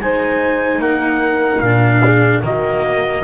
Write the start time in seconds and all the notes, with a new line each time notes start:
0.00 G#3 D#4 C5 G#5
0.79 A#3 A#4 F#5
1.60 A#2 D4 F5
2.03 G#4
2.43 D#3 A#3 F#4 D#5